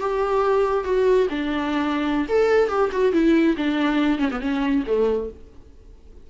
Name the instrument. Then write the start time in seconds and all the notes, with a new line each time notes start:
viola
0.00 G4
0.85 F#4
1.30 D4
2.29 A4
2.69 G4
2.92 F#4
3.13 E4
3.57 D4
4.19 C#4
4.31 B3
4.41 C#4
4.87 A3